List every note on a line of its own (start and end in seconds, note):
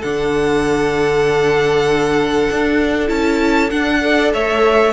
0.00 2.48 D3
0.00 3.07 D4
0.00 3.98 A4
0.00 3.08 F#5
2.50 3.10 D4
3.07 3.71 C#4
3.07 3.69 E4
3.07 3.70 A5
3.70 4.01 D4
3.70 4.33 D4
3.70 4.32 F#5
4.01 4.93 A4
4.01 4.33 D5
4.33 4.93 A3
4.33 4.93 C#5
4.33 4.93 E5